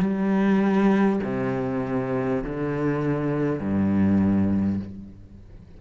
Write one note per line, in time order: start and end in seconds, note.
0.00 1.20 G3
1.24 2.44 C3
2.44 3.60 D3
3.60 4.80 G2